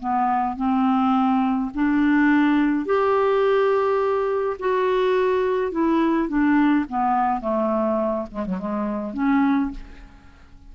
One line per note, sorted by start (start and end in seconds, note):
0.00 0.57 B3
0.57 1.71 C4
1.75 2.86 D4
2.86 4.57 G4
4.60 5.72 F#4
5.72 6.29 E4
6.29 6.86 D4
6.89 7.41 B3
7.41 8.27 A3
8.31 8.46 G#3
8.46 8.59 F#3
8.59 9.14 G#3
9.14 9.71 C#4